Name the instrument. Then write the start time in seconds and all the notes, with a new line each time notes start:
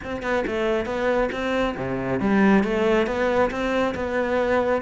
cello
0.04 C4
0.22 B3
0.47 A3
0.85 B3
1.31 C4
1.77 C3
2.20 G3
2.63 A3
3.06 B3
3.50 C4
3.95 B3